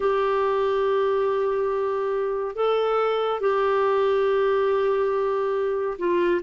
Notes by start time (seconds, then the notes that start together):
0.00 G4
2.55 A4
3.40 G4
5.98 F4